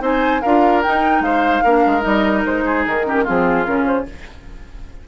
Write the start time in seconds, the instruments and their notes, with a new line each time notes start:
0.00 bassoon C4, clarinet D#4, oboe C5, flute G#5
0.41 bassoon D4, clarinet F4, oboe A#4, flute F5
0.82 clarinet D#4, bassoon D#4, flute G5
1.20 bassoon G#3, oboe C5, flute F5
1.63 bassoon A#3, clarinet D4, oboe A#4
1.86 bassoon G#3
2.00 bassoon G3, clarinet D#4, flute D#5
2.45 bassoon G#3, flute C5
2.65 oboe G#4
2.86 bassoon D#3, flute A#4
3.04 clarinet C#4, oboe G4
3.23 bassoon F3, clarinet C4, oboe F4, flute G#4
3.64 bassoon C#3, clarinet C#4, flute A#4
3.85 flute C5